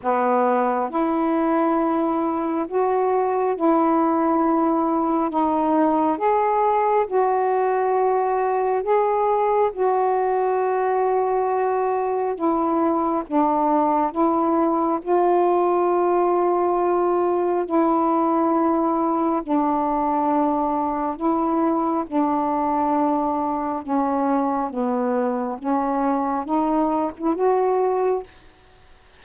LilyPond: \new Staff \with { instrumentName = "saxophone" } { \time 4/4 \tempo 4 = 68 b4 e'2 fis'4 | e'2 dis'4 gis'4 | fis'2 gis'4 fis'4~ | fis'2 e'4 d'4 |
e'4 f'2. | e'2 d'2 | e'4 d'2 cis'4 | b4 cis'4 dis'8. e'16 fis'4 | }